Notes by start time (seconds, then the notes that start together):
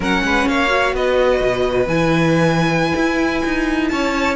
0.00 F#3 C#4 A#4 F#5
0.22 G#3 B4
0.47 A#3 C#5 F5
0.67 F#4
0.93 B3 B4 D#5
1.42 B2
1.86 E3 E4 G#5
2.95 E4
3.44 D#4
3.87 C#4 C#5 A5